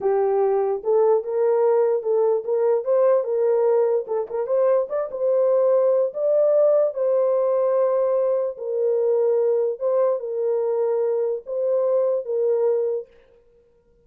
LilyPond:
\new Staff \with { instrumentName = "horn" } { \time 4/4 \tempo 4 = 147 g'2 a'4 ais'4~ | ais'4 a'4 ais'4 c''4 | ais'2 a'8 ais'8 c''4 | d''8 c''2~ c''8 d''4~ |
d''4 c''2.~ | c''4 ais'2. | c''4 ais'2. | c''2 ais'2 | }